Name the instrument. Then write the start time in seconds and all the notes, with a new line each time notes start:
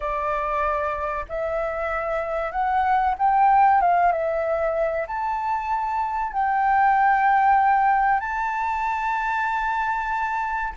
flute
0.00 D5
1.28 E5
2.51 F#5
3.18 G5
3.81 F5
4.12 E5
5.07 A5
6.32 G5
8.20 A5